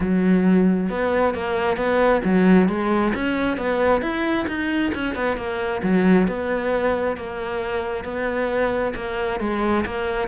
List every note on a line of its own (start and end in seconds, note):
0.00 0.89 F#3
0.89 1.34 B3
1.34 1.76 A#3
1.76 2.21 B3
2.24 2.68 F#3
2.68 3.13 G#3
3.14 3.57 C#4
3.57 4.01 B3
4.01 4.46 E4
4.47 4.92 D#4
4.94 5.15 C#4
5.15 5.36 B3
5.36 5.81 A#3
5.82 6.27 F#3
6.27 7.16 B3
7.16 8.04 A#3
8.04 8.93 B3
8.95 9.39 A#3
9.40 9.84 G#3
9.85 10.28 A#3